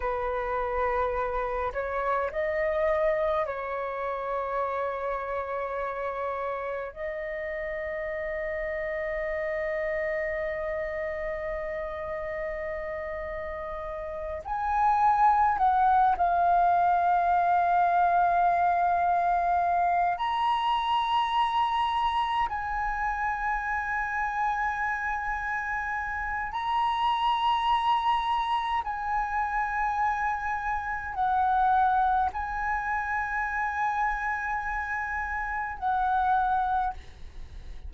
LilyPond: \new Staff \with { instrumentName = "flute" } { \time 4/4 \tempo 4 = 52 b'4. cis''8 dis''4 cis''4~ | cis''2 dis''2~ | dis''1~ | dis''8 gis''4 fis''8 f''2~ |
f''4. ais''2 gis''8~ | gis''2. ais''4~ | ais''4 gis''2 fis''4 | gis''2. fis''4 | }